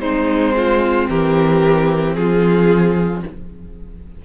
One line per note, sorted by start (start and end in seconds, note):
0.00 1.08 G#3
0.00 3.25 C4
0.00 0.55 D#4
0.00 1.07 C5
0.56 1.10 F4
1.09 2.16 E3
1.09 2.17 G4
1.09 2.14 A#4
2.14 3.23 F3
2.14 3.25 F4
2.14 3.21 G#4